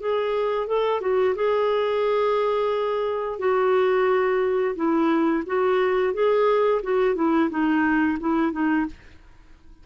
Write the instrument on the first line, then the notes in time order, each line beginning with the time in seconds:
clarinet
0.00 G#4
0.68 A4
1.01 F#4
1.35 G#4
3.39 F#4
4.76 E4
5.47 F#4
6.14 G#4
6.83 F#4
7.16 E4
7.50 D#4
8.20 E4
8.52 D#4